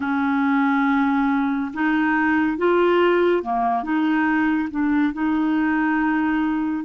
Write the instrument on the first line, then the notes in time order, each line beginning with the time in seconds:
clarinet
0.00 C#4
1.73 D#4
2.57 F4
3.42 A#3
3.83 D#4
4.70 D4
5.13 D#4